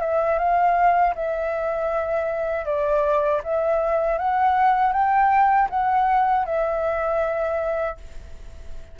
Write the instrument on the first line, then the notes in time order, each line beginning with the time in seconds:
flute
0.00 E5
0.38 F5
1.15 E5
2.65 D5
3.43 E5
4.18 F#5
4.92 G5
5.69 F#5
6.45 E5